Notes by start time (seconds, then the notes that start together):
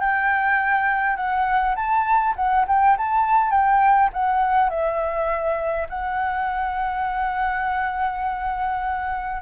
0.00 G5
1.16 F#5
1.76 A5
2.36 F#5
2.68 G5
2.98 A5
3.51 G5
4.13 F#5
4.70 E5
5.89 F#5